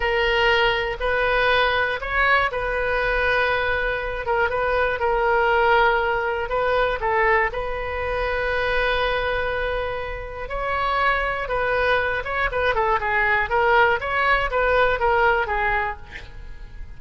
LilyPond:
\new Staff \with { instrumentName = "oboe" } { \time 4/4 \tempo 4 = 120 ais'2 b'2 | cis''4 b'2.~ | b'8 ais'8 b'4 ais'2~ | ais'4 b'4 a'4 b'4~ |
b'1~ | b'4 cis''2 b'4~ | b'8 cis''8 b'8 a'8 gis'4 ais'4 | cis''4 b'4 ais'4 gis'4 | }